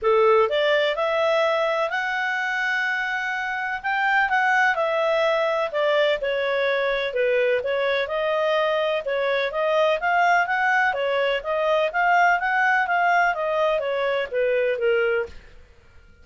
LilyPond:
\new Staff \with { instrumentName = "clarinet" } { \time 4/4 \tempo 4 = 126 a'4 d''4 e''2 | fis''1 | g''4 fis''4 e''2 | d''4 cis''2 b'4 |
cis''4 dis''2 cis''4 | dis''4 f''4 fis''4 cis''4 | dis''4 f''4 fis''4 f''4 | dis''4 cis''4 b'4 ais'4 | }